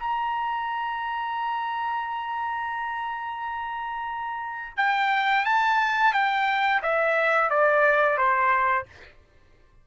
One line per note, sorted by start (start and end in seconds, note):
0.00 4.77 A#5
4.78 5.46 G5
5.46 6.14 A5
6.14 6.82 G5
6.83 7.51 E5
7.51 8.18 D5
8.18 8.86 C5